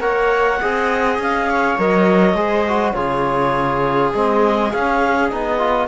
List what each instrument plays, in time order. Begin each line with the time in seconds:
0.00 cello A#3, trombone A#4, viola C#5, clarinet F#5
0.61 cello C4, trombone G#4, viola D#5
1.18 cello C#4, clarinet F5
1.50 viola C#5
1.78 cello F#3, trombone A#4, clarinet D#5
2.34 cello G#3, trombone G#4, viola C5
2.68 trombone F#4
2.92 cello C#3, trombone F4, viola G#4, clarinet C#5
4.14 cello G#3, trombone C4, clarinet D#5
4.72 trombone C#4, cello C#4, clarinet F5
5.29 cello B3, trombone D#4, clarinet D#5
5.58 trombone F4